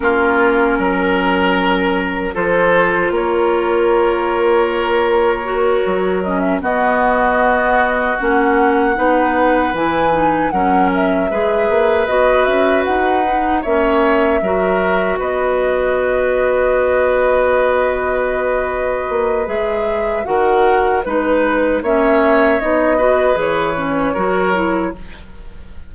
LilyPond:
<<
  \new Staff \with { instrumentName = "flute" } { \time 4/4 \tempo 4 = 77 ais'2. c''4 | cis''1 | dis''16 e''16 dis''2 fis''4.~ | fis''8 gis''4 fis''8 e''4. dis''8 |
e''8 fis''4 e''2 dis''8~ | dis''1~ | dis''4 e''4 fis''4 b'4 | e''4 dis''4 cis''2 | }
  \new Staff \with { instrumentName = "oboe" } { \time 4/4 f'4 ais'2 a'4 | ais'1~ | ais'8 fis'2. b'8~ | b'4. ais'4 b'4.~ |
b'4. cis''4 ais'4 b'8~ | b'1~ | b'2 ais'4 b'4 | cis''4. b'4. ais'4 | }
  \new Staff \with { instrumentName = "clarinet" } { \time 4/4 cis'2. f'4~ | f'2. fis'4 | cis'8 b2 cis'4 dis'8~ | dis'8 e'8 dis'8 cis'4 gis'4 fis'8~ |
fis'4 dis'8 cis'4 fis'4.~ | fis'1~ | fis'4 gis'4 fis'4 dis'4 | cis'4 dis'8 fis'8 gis'8 cis'8 fis'8 e'8 | }
  \new Staff \with { instrumentName = "bassoon" } { \time 4/4 ais4 fis2 f4 | ais2.~ ais8 fis8~ | fis8 b2 ais4 b8~ | b8 e4 fis4 gis8 ais8 b8 |
cis'8 dis'4 ais4 fis4 b8~ | b1~ | b8 ais8 gis4 dis4 gis4 | ais4 b4 e4 fis4 | }
>>